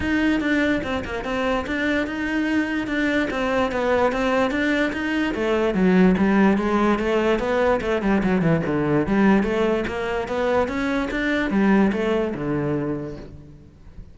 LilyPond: \new Staff \with { instrumentName = "cello" } { \time 4/4 \tempo 4 = 146 dis'4 d'4 c'8 ais8 c'4 | d'4 dis'2 d'4 | c'4 b4 c'4 d'4 | dis'4 a4 fis4 g4 |
gis4 a4 b4 a8 g8 | fis8 e8 d4 g4 a4 | ais4 b4 cis'4 d'4 | g4 a4 d2 | }